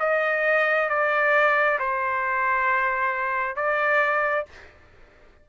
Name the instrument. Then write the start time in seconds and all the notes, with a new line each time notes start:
trumpet
0.00 D#5
0.90 D5
1.80 C5
3.57 D5